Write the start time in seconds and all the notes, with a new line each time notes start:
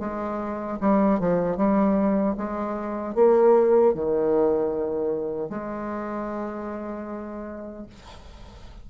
0.00 G#3
0.81 G3
1.20 F3
1.57 G3
2.38 G#3
3.15 A#3
3.94 D#3
5.50 G#3